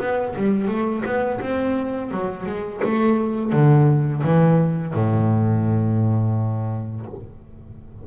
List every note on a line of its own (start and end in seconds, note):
0.00 0.35 B3
0.36 0.68 G3
0.68 1.04 A3
1.06 1.41 B3
1.41 2.11 C4
2.11 2.46 F#3
2.46 2.81 G#3
2.84 3.53 A3
3.53 4.23 D3
4.24 4.94 E3
4.94 7.06 A2